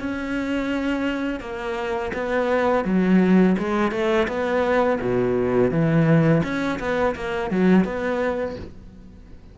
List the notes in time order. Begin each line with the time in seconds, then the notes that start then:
0.00 C#4
1.40 A#3
2.13 B3
2.85 F#3
3.58 G#3
3.92 A3
4.28 B3
5.01 B2
5.71 E3
6.44 C#4
6.80 B3
7.16 A#3
7.51 F#3
7.84 B3